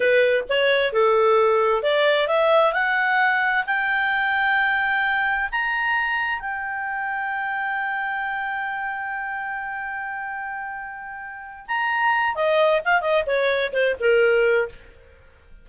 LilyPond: \new Staff \with { instrumentName = "clarinet" } { \time 4/4 \tempo 4 = 131 b'4 cis''4 a'2 | d''4 e''4 fis''2 | g''1 | ais''2 g''2~ |
g''1~ | g''1~ | g''4. ais''4. dis''4 | f''8 dis''8 cis''4 c''8 ais'4. | }